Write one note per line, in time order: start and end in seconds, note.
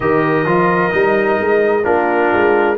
0.00 0.45 D#3
0.00 0.45 G4
0.00 1.84 A#4
0.00 1.84 D#5
0.45 0.91 F3
0.45 0.91 F4
0.91 1.40 G3
0.91 1.83 D#4
1.41 1.86 G#3
1.84 2.32 A#3
1.84 2.77 D4
1.84 2.76 F4
1.84 2.76 A#4
2.33 2.78 G#3